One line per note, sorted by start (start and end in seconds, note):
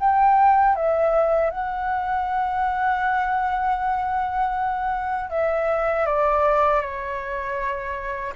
0.00 0.76 G5
0.76 1.51 E5
1.51 5.30 F#5
5.30 6.06 E5
6.06 6.81 D5
6.81 8.33 C#5